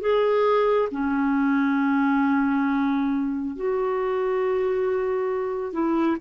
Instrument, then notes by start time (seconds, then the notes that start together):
clarinet
0.00 G#4
0.91 C#4
3.55 F#4
5.72 E4